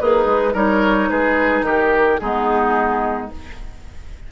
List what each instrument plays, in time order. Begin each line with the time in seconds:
0.00 bassoon A#3, oboe D#4, clarinet G#4, flute B4
0.25 bassoon G#3
0.53 bassoon G3, clarinet D#4, oboe A#4, flute C#5
1.10 bassoon G#3, oboe G#4, flute B4
1.62 bassoon D#3, oboe G4, flute A#4
2.19 bassoon G#3, clarinet B3, oboe D#4, flute G#4